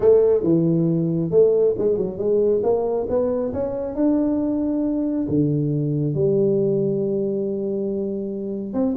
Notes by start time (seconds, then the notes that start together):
0.00 A3
0.43 E3
1.31 A3
1.77 G#3
1.97 F#3
2.18 G#3
2.63 A#3
3.09 B3
3.53 C#4
3.95 D4
5.28 D3
6.14 G3
8.73 C4